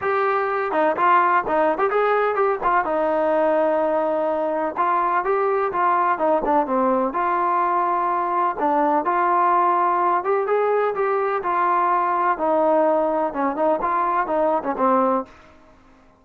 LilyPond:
\new Staff \with { instrumentName = "trombone" } { \time 4/4 \tempo 4 = 126 g'4. dis'8 f'4 dis'8. g'16 | gis'4 g'8 f'8 dis'2~ | dis'2 f'4 g'4 | f'4 dis'8 d'8 c'4 f'4~ |
f'2 d'4 f'4~ | f'4. g'8 gis'4 g'4 | f'2 dis'2 | cis'8 dis'8 f'4 dis'8. cis'16 c'4 | }